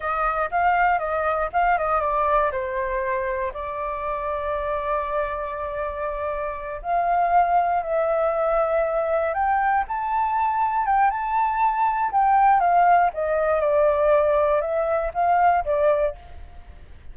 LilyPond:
\new Staff \with { instrumentName = "flute" } { \time 4/4 \tempo 4 = 119 dis''4 f''4 dis''4 f''8 dis''8 | d''4 c''2 d''4~ | d''1~ | d''4. f''2 e''8~ |
e''2~ e''8 g''4 a''8~ | a''4. g''8 a''2 | g''4 f''4 dis''4 d''4~ | d''4 e''4 f''4 d''4 | }